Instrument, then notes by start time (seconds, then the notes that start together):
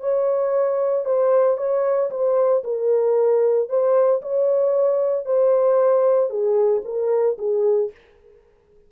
horn
0.00 C#5
1.05 C5
1.57 C#5
2.10 C5
2.63 A#4
3.68 C5
4.21 C#5
5.25 C5
6.29 G#4
6.84 A#4
7.38 G#4